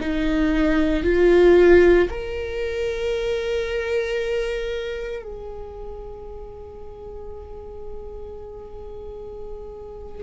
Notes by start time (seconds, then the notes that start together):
0.00 D#4
1.03 F4
2.09 A#4
5.22 G#4